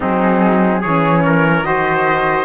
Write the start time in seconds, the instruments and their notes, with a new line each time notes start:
0.00 cello F#3, saxophone C4, trumpet D#4, flute G#4
0.80 cello E3, saxophone C#4, trumpet G#4, flute C#5
1.25 trumpet A#4
1.62 cello D#3, saxophone F#4, trumpet C5, flute D#5